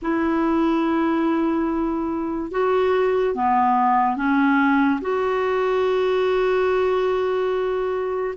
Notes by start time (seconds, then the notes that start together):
0.02 E4
2.51 F#4
3.34 B3
4.16 C#4
5.01 F#4